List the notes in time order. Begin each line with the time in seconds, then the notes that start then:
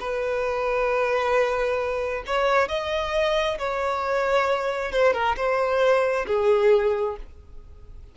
0.00 B4
2.27 C#5
2.69 D#5
3.59 C#5
4.93 C5
5.14 A#4
5.37 C5
6.27 G#4